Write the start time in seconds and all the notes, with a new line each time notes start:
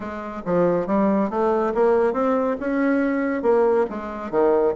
0.00 G#3
0.45 F3
0.86 G3
1.30 A3
1.74 A#3
2.13 C4
2.60 C#4
3.42 A#3
3.90 G#3
4.30 D#3